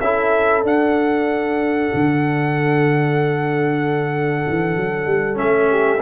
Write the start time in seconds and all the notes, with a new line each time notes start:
0.00 C#4 E4 A4 E5
0.63 D4 F#5
1.94 D3
4.48 E3
4.76 F#3
5.06 G3
5.34 A3 C#4 E5
5.70 G4